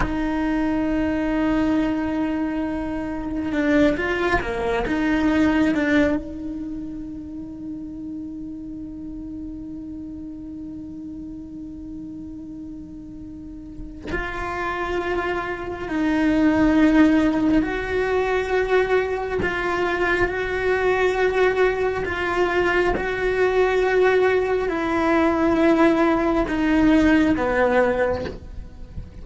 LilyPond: \new Staff \with { instrumentName = "cello" } { \time 4/4 \tempo 4 = 68 dis'1 | d'8 f'8 ais8 dis'4 d'8 dis'4~ | dis'1~ | dis'1 |
f'2 dis'2 | fis'2 f'4 fis'4~ | fis'4 f'4 fis'2 | e'2 dis'4 b4 | }